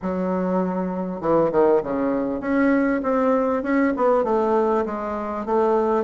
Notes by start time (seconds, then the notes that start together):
0.02 F#3
1.20 E3
1.51 D#3
1.83 C#3
2.40 C#4
3.02 C4
3.62 C#4
3.96 B3
4.24 A3
4.85 G#3
5.45 A3